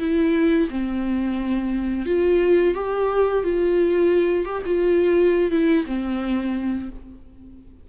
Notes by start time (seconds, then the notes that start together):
0.00 E4
0.70 C4
2.07 F4
2.75 G4
3.44 F4
4.45 G4
4.66 F4
5.51 E4
5.86 C4